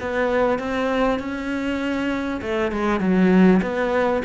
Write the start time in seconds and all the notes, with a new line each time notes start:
0.00 B3
0.58 C4
1.19 C#4
2.41 A3
2.71 G#3
3.00 F#3
3.62 B3